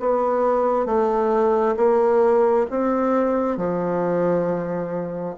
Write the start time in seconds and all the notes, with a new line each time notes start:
0.00 B3
0.86 A3
1.77 A#3
2.70 C4
3.57 F3